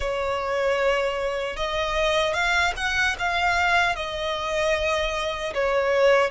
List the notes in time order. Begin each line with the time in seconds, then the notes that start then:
0.00 C#5
1.56 D#5
2.33 F5
2.76 F#5
3.18 F5
3.95 D#5
5.54 C#5